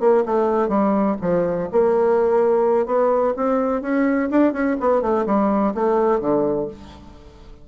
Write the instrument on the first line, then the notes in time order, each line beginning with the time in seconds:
bassoon
0.00 A#3
0.26 A3
0.68 G3
1.21 F3
1.72 A#3
2.86 B3
3.36 C4
3.82 C#4
4.30 D4
4.53 C#4
4.80 B3
5.02 A3
5.26 G3
5.74 A3
6.20 D3